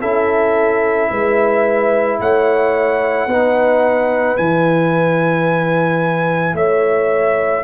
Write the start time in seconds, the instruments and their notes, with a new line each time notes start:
0.00 tuba C#4, trombone E4, horn A4, trumpet E5
1.11 tuba G#3, horn B4
2.20 tuba A3, horn C#5, trumpet F#5
3.27 tuba B3, trombone D#4, horn B4
4.37 tuba E3, trombone E4, trumpet G#5
6.54 tuba A3, horn C#5, trumpet E5